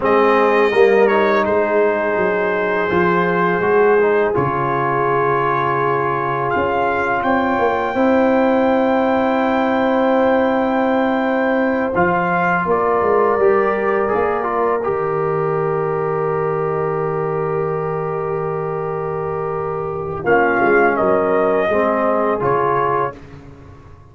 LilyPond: <<
  \new Staff \with { instrumentName = "trumpet" } { \time 4/4 \tempo 4 = 83 dis''4. cis''8 c''2~ | c''2 cis''2~ | cis''4 f''4 g''2~ | g''1~ |
g''8 f''4 d''2~ d''8~ | d''8 dis''2.~ dis''8~ | dis''1 | f''4 dis''2 cis''4 | }
  \new Staff \with { instrumentName = "horn" } { \time 4/4 gis'4 ais'4 gis'2~ | gis'1~ | gis'2 cis''4 c''4~ | c''1~ |
c''4. ais'2~ ais'8~ | ais'1~ | ais'1 | f'4 ais'4 gis'2 | }
  \new Staff \with { instrumentName = "trombone" } { \time 4/4 c'4 ais8 dis'2~ dis'8 | f'4 fis'8 dis'8 f'2~ | f'2. e'4~ | e'1~ |
e'8 f'2 g'4 gis'8 | f'8 g'2.~ g'8~ | g'1 | cis'2 c'4 f'4 | }
  \new Staff \with { instrumentName = "tuba" } { \time 4/4 gis4 g4 gis4 fis4 | f4 gis4 cis2~ | cis4 cis'4 c'8 ais8 c'4~ | c'1~ |
c'8 f4 ais8 gis8 g4 ais8~ | ais8 dis2.~ dis8~ | dis1 | ais8 gis8 fis4 gis4 cis4 | }
>>